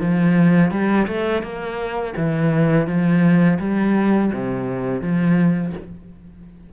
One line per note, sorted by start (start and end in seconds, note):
0.00 0.71 F3
0.71 1.07 G3
1.07 1.43 A3
1.43 2.14 A#3
2.17 2.87 E3
2.87 3.58 F3
3.59 4.31 G3
4.33 5.02 C3
5.02 5.73 F3